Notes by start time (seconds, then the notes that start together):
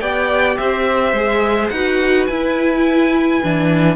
0.00 B3 G4 D5 G5
0.57 C4 C5 E5
1.12 G#3 G#4
1.69 D#4 F#4 B4 F#5
2.26 E4 G#5
3.43 E3 D4